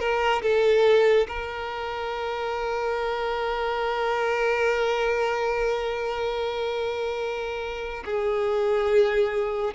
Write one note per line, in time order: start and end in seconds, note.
0.00 0.42 A#4
0.43 1.27 A4
1.28 8.04 A#4
8.06 9.75 G#4